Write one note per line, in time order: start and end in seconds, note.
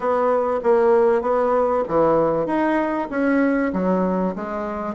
0.00 0.60 B3
0.63 1.21 A#3
1.21 1.83 B3
1.88 2.46 E3
2.46 3.08 D#4
3.10 3.72 C#4
3.73 4.35 F#3
4.35 4.95 G#3